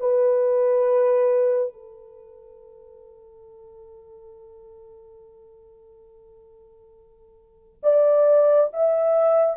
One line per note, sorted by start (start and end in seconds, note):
0.00 1.74 B4
1.74 7.82 A4
7.83 8.70 D5
8.73 9.57 E5